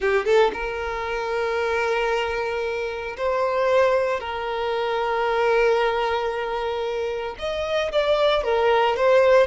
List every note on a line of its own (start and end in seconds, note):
0.00 0.25 G4
0.25 0.51 A4
0.53 3.16 A#4
3.17 4.19 C5
4.19 7.35 A#4
7.39 7.91 D#5
7.92 8.43 D5
8.43 8.96 A#4
8.96 9.47 C5